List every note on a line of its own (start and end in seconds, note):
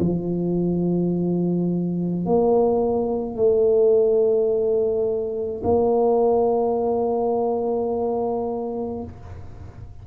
0.00 2.26 F3
2.26 3.36 A#3
3.36 5.62 A3
5.64 9.04 A#3